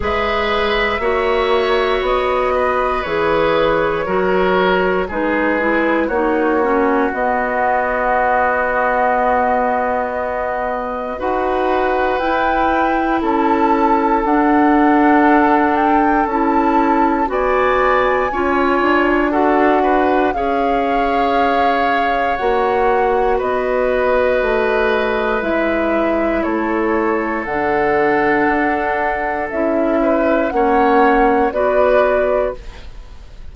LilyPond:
<<
  \new Staff \with { instrumentName = "flute" } { \time 4/4 \tempo 4 = 59 e''2 dis''4 cis''4~ | cis''4 b'4 cis''4 dis''4~ | dis''2. fis''4 | g''4 a''4 fis''4. g''8 |
a''4 gis''2 fis''4 | f''2 fis''4 dis''4~ | dis''4 e''4 cis''4 fis''4~ | fis''4 e''4 fis''4 d''4 | }
  \new Staff \with { instrumentName = "oboe" } { \time 4/4 b'4 cis''4. b'4. | ais'4 gis'4 fis'2~ | fis'2. b'4~ | b'4 a'2.~ |
a'4 d''4 cis''4 a'8 b'8 | cis''2. b'4~ | b'2 a'2~ | a'4. b'8 cis''4 b'4 | }
  \new Staff \with { instrumentName = "clarinet" } { \time 4/4 gis'4 fis'2 gis'4 | fis'4 dis'8 e'8 dis'8 cis'8 b4~ | b2. fis'4 | e'2 d'2 |
e'4 fis'4 f'4 fis'4 | gis'2 fis'2~ | fis'4 e'2 d'4~ | d'4 e'4 cis'4 fis'4 | }
  \new Staff \with { instrumentName = "bassoon" } { \time 4/4 gis4 ais4 b4 e4 | fis4 gis4 ais4 b4~ | b2. dis'4 | e'4 cis'4 d'2 |
cis'4 b4 cis'8 d'4. | cis'2 ais4 b4 | a4 gis4 a4 d4 | d'4 cis'4 ais4 b4 | }
>>